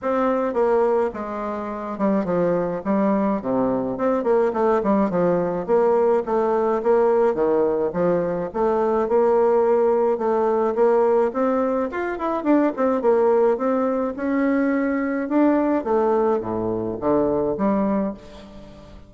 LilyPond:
\new Staff \with { instrumentName = "bassoon" } { \time 4/4 \tempo 4 = 106 c'4 ais4 gis4. g8 | f4 g4 c4 c'8 ais8 | a8 g8 f4 ais4 a4 | ais4 dis4 f4 a4 |
ais2 a4 ais4 | c'4 f'8 e'8 d'8 c'8 ais4 | c'4 cis'2 d'4 | a4 a,4 d4 g4 | }